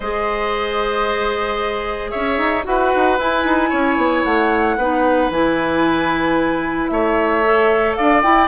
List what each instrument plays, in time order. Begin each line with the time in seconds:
0.00 bassoon G#3, clarinet G#4, oboe C5, flute D#5
2.10 bassoon C#4, oboe C#5, flute E5
2.37 bassoon D#4
2.64 bassoon E4, clarinet F#4, oboe B4, flute F#5
2.95 bassoon D#4
3.18 bassoon E4, clarinet E4, flute G#5
3.43 bassoon D#4
3.69 bassoon C#4, oboe C#5
3.97 bassoon B3
4.24 bassoon A3, flute F#5
4.77 bassoon B3, clarinet D#4, oboe B4
5.29 bassoon E3, clarinet E4, flute G#5
6.87 bassoon A3, oboe C#5, flute E5
7.44 clarinet A4
7.94 bassoon D4, oboe D5, flute F5
8.22 clarinet E4, bassoon E4, flute G5